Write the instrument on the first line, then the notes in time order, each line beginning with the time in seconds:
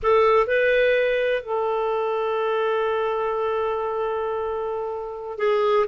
clarinet
0.02 A4
0.46 B4
1.42 A4
5.38 G#4